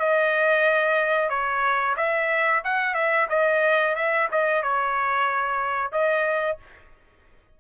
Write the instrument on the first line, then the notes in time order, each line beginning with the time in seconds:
trumpet
0.00 D#5
1.30 C#5
1.97 E5
2.65 F#5
2.94 E5
3.30 D#5
3.96 E5
4.32 D#5
4.63 C#5
5.92 D#5